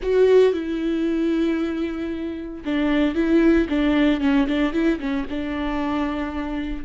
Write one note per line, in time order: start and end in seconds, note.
0.02 0.53 F#4
0.53 2.63 E4
2.64 3.14 D4
3.14 3.67 E4
3.69 4.20 D4
4.20 4.46 C#4
4.47 4.72 D4
4.72 4.99 E4
4.99 5.26 C#4
5.29 6.84 D4